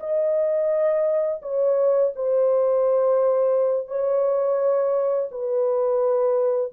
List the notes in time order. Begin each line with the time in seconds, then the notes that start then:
0.00 D#5
1.42 C#5
2.16 C5
3.87 C#5
5.31 B4